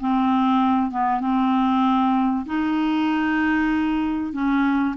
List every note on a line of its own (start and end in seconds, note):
0.00 0.91 C4
0.91 1.20 B3
1.20 2.45 C4
2.46 4.33 D#4
4.33 4.95 C#4